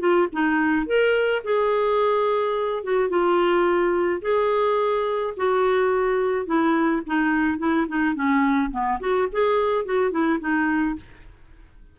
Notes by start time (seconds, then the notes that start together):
0.00 F4
0.33 D#4
0.87 A#4
1.44 G#4
2.84 F#4
3.09 F4
4.22 G#4
5.37 F#4
6.46 E4
7.07 D#4
7.59 E4
7.88 D#4
8.15 C#4
8.71 B3
9.00 F#4
9.32 G#4
9.85 F#4
10.11 E4
10.40 D#4